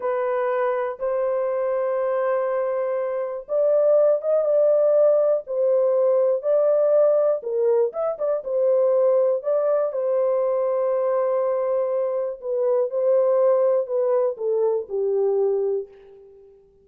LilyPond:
\new Staff \with { instrumentName = "horn" } { \time 4/4 \tempo 4 = 121 b'2 c''2~ | c''2. d''4~ | d''8 dis''8 d''2 c''4~ | c''4 d''2 ais'4 |
e''8 d''8 c''2 d''4 | c''1~ | c''4 b'4 c''2 | b'4 a'4 g'2 | }